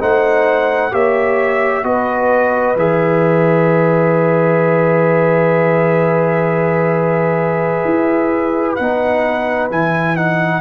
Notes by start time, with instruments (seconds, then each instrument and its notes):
0.00 tuba A3, trombone D#4, horn C5, trumpet F#5
0.91 tuba A#3, trombone G4, horn C#5, trumpet E5
1.84 tuba B3, trombone F#4, horn B4, trumpet D#5
2.76 tuba E3, trombone G#4, trumpet E5
7.85 tuba E4
8.76 tuba B3, trombone D#4, trumpet F#5
9.71 tuba E3, trombone E4, trumpet G#5
10.16 trombone D#4, trumpet F#5